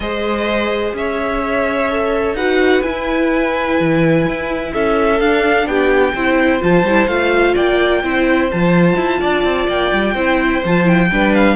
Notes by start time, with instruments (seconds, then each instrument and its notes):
0.00 cello G#3, viola G#4, violin C5 D#5
0.93 cello C#4, violin C#5 E5
1.90 viola A4
2.33 cello D#4, viola F#4, violin B4 F#5
2.82 cello E4, viola E4, violin G#5
3.79 cello E3
4.27 cello E4
4.72 cello C#4, violin A4 E5
5.20 cello D4, viola D4, violin F5
5.66 cello B3, violin G4 G5
6.14 cello C4, viola E4, violin C5
6.60 cello F3, viola F4, violin A5
6.83 cello G3, viola E4
7.07 cello A3, viola F4, violin F5
7.54 cello A#3, violin D5 G5
8.03 cello C4, viola E4, violin C5
8.51 cello F3, viola F4, violin A5
8.95 cello E4
9.19 cello D4, violin D5
9.44 cello C4
9.68 cello A#3, violin G5
9.92 cello G3
10.14 cello C4, viola E4, violin C5
10.64 cello F3, viola F4, violin A5
10.84 viola E4, violin G5
11.11 cello G3, viola D4, violin B4
11.34 violin F5